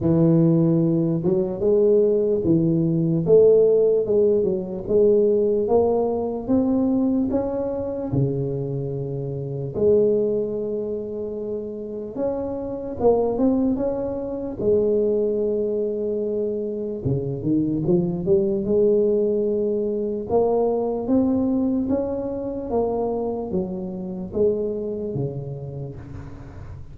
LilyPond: \new Staff \with { instrumentName = "tuba" } { \time 4/4 \tempo 4 = 74 e4. fis8 gis4 e4 | a4 gis8 fis8 gis4 ais4 | c'4 cis'4 cis2 | gis2. cis'4 |
ais8 c'8 cis'4 gis2~ | gis4 cis8 dis8 f8 g8 gis4~ | gis4 ais4 c'4 cis'4 | ais4 fis4 gis4 cis4 | }